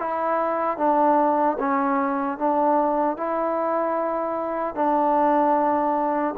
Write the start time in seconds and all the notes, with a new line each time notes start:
0.00 E4
0.78 D4
1.59 C#4
2.39 D4
3.17 E4
4.76 D4